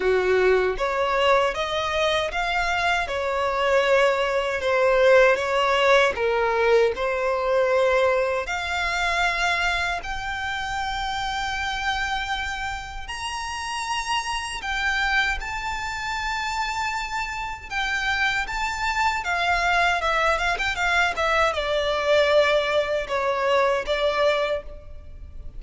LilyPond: \new Staff \with { instrumentName = "violin" } { \time 4/4 \tempo 4 = 78 fis'4 cis''4 dis''4 f''4 | cis''2 c''4 cis''4 | ais'4 c''2 f''4~ | f''4 g''2.~ |
g''4 ais''2 g''4 | a''2. g''4 | a''4 f''4 e''8 f''16 g''16 f''8 e''8 | d''2 cis''4 d''4 | }